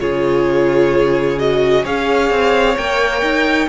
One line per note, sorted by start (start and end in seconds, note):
0.00 1.85 C#3
0.00 1.38 F4
0.00 1.84 G#4
0.00 1.39 C#5
1.39 1.84 F#4
1.39 1.85 D#5
1.84 2.30 C#4
1.84 2.76 G#4
1.84 3.68 C#5
1.84 2.77 F5
2.30 2.76 C4
2.77 3.22 A#3
2.77 3.69 A#4
2.77 3.69 G5
3.22 3.68 D#4